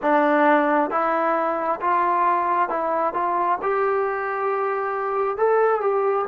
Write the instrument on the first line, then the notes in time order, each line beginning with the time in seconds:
trombone
0.02 D4
0.90 E4
1.80 F4
2.69 E4
3.13 F4
3.62 G4
5.37 A4
5.80 G4